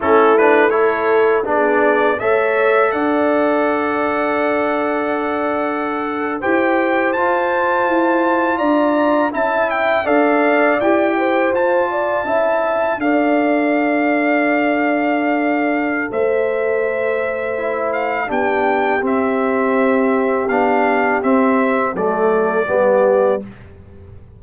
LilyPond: <<
  \new Staff \with { instrumentName = "trumpet" } { \time 4/4 \tempo 4 = 82 a'8 b'8 cis''4 d''4 e''4 | fis''1~ | fis''8. g''4 a''2 ais''16~ | ais''8. a''8 g''8 f''4 g''4 a''16~ |
a''4.~ a''16 f''2~ f''16~ | f''2 e''2~ | e''8 f''8 g''4 e''2 | f''4 e''4 d''2 | }
  \new Staff \with { instrumentName = "horn" } { \time 4/4 e'4 a'4 gis'4 cis''4 | d''1~ | d''8. c''2. d''16~ | d''8. e''4 d''4. c''8.~ |
c''16 d''8 e''4 d''2~ d''16~ | d''2 c''2~ | c''4 g'2.~ | g'2 a'4 g'4 | }
  \new Staff \with { instrumentName = "trombone" } { \time 4/4 cis'8 d'8 e'4 d'4 a'4~ | a'1~ | a'8. g'4 f'2~ f'16~ | f'8. e'4 a'4 g'4 f'16~ |
f'8. e'4 a'2~ a'16~ | a'1 | e'4 d'4 c'2 | d'4 c'4 a4 b4 | }
  \new Staff \with { instrumentName = "tuba" } { \time 4/4 a2 b4 a4 | d'1~ | d'8. e'4 f'4 e'4 d'16~ | d'8. cis'4 d'4 e'4 f'16~ |
f'8. cis'4 d'2~ d'16~ | d'2 a2~ | a4 b4 c'2 | b4 c'4 fis4 g4 | }
>>